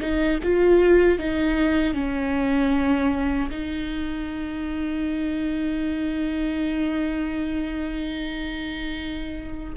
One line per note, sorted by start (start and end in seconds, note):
0.00 0.39 D#4
0.43 1.19 F4
1.19 1.94 D#4
1.94 3.50 C#4
3.50 9.74 D#4